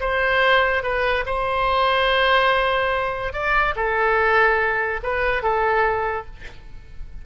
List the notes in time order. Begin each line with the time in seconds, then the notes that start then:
0.00 C5
0.83 B4
1.26 C5
3.33 D5
3.75 A4
5.03 B4
5.42 A4